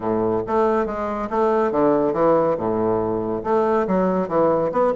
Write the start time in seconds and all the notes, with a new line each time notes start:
0.00 A2
0.46 A3
0.86 G#3
1.30 A3
1.71 D3
2.13 E3
2.57 A2
3.43 A3
3.87 F#3
4.28 E3
4.71 B3